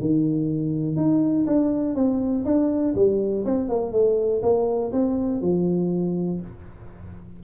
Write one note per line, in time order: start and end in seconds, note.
0.00 0.96 D#3
0.96 1.46 D#4
1.46 1.95 D4
1.95 2.45 C4
2.45 2.95 D4
2.95 3.45 G3
3.45 3.69 C4
3.69 3.92 A#3
3.92 4.42 A3
4.42 4.92 A#3
4.92 5.41 C4
5.41 6.40 F3